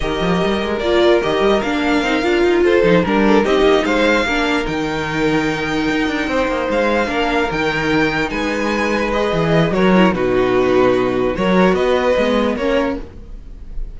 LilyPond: <<
  \new Staff \with { instrumentName = "violin" } { \time 4/4 \tempo 4 = 148 dis''2 d''4 dis''4 | f''2~ f''8 c''4 ais'8~ | ais'8 dis''4 f''2 g''8~ | g''1~ |
g''8 f''2 g''4.~ | g''8 gis''2 dis''4. | cis''4 b'2. | cis''4 dis''2 cis''4 | }
  \new Staff \with { instrumentName = "violin" } { \time 4/4 ais'1~ | ais'2~ ais'8 a'4 ais'8 | a'8 g'4 c''4 ais'4.~ | ais'2.~ ais'8 c''8~ |
c''4. ais'2~ ais'8~ | ais'8 b'2.~ b'8 | ais'4 fis'2. | ais'4 b'2 ais'4 | }
  \new Staff \with { instrumentName = "viola" } { \time 4/4 g'2 f'4 g'4 | d'4 dis'8 f'4. dis'8 d'8~ | d'8 dis'2 d'4 dis'8~ | dis'1~ |
dis'4. d'4 dis'4.~ | dis'2~ dis'8 gis'4. | fis'8 e'8 dis'2. | fis'2 b4 cis'4 | }
  \new Staff \with { instrumentName = "cello" } { \time 4/4 dis8 f8 g8 gis8 ais4 dis8 g8 | ais4 c'8 d'8 dis'8 f'8 f8 g8~ | g8 c'8 ais8 gis4 ais4 dis8~ | dis2~ dis8 dis'8 d'8 c'8 |
ais8 gis4 ais4 dis4.~ | dis8 gis2~ gis8 e4 | fis4 b,2. | fis4 b4 gis4 ais4 | }
>>